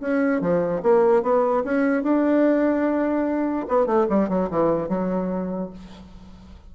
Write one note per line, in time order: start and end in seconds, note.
0.00 0.41 C#4
0.41 0.82 F3
0.83 1.22 A#3
1.22 1.63 B3
1.64 2.03 C#4
2.03 3.66 D4
3.68 3.86 B3
3.86 4.07 A3
4.09 4.29 G3
4.29 4.49 F#3
4.50 4.88 E3
4.88 5.70 F#3